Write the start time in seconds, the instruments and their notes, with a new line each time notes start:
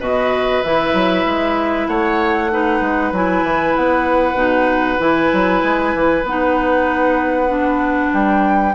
0.00 bassoon B2, clarinet F#4, oboe B4, flute D#5
0.63 bassoon E3, clarinet E4, flute E5
0.94 bassoon F#3
1.26 bassoon G#3
1.88 bassoon A3, oboe C#5, flute F#5
2.51 clarinet D#4, oboe B4
2.81 bassoon G#3
3.13 bassoon F#3, clarinet E4, flute G#5
3.44 bassoon E3
3.76 bassoon B3, flute F#5
4.35 bassoon B2, clarinet D#4
4.99 bassoon E3, clarinet E4, flute G#5
5.33 bassoon F#3
5.63 bassoon G#3
5.95 bassoon E3
6.24 bassoon B3, clarinet D#4, flute F#5
7.48 clarinet D4
8.13 bassoon G3, flute G5